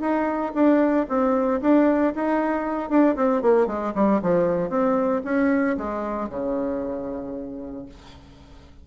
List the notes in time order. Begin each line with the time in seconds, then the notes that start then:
0.00 D#4
0.54 D4
1.09 C4
1.61 D4
2.15 D#4
2.89 D4
3.16 C4
3.42 A#3
3.67 G#3
3.94 G3
4.22 F3
4.69 C4
5.24 C#4
5.77 G#3
6.29 C#3